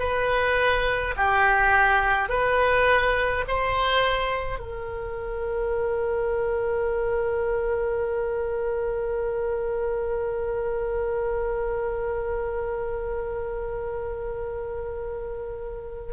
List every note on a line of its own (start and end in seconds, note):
0.00 1.15 B4
1.17 2.30 G4
2.30 3.45 B4
3.48 4.59 C5
4.59 16.13 A#4